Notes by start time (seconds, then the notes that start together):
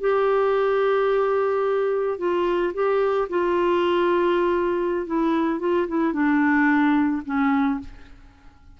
0.00 G4
2.18 F4
2.73 G4
3.29 F4
5.06 E4
5.59 F4
5.87 E4
6.13 D4
7.25 C#4